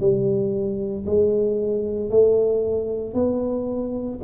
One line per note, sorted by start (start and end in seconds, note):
0.00 1.05 G3
1.06 2.10 G#3
2.10 3.14 A3
3.14 4.19 B3